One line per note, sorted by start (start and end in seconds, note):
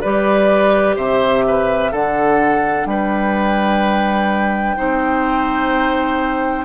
0.00 0.97 G3
0.00 1.94 G4
0.00 0.96 B4
0.00 0.95 D5
0.96 1.92 C3
0.96 1.44 C5
0.96 1.92 E5
1.47 1.91 B4
1.91 2.86 D3
1.91 4.77 D4
1.91 2.87 A4
1.91 2.87 F#5
2.86 4.76 G3
2.86 4.77 B4
2.86 6.65 G5
4.77 6.65 C4
4.77 6.65 D#4
4.77 6.65 C5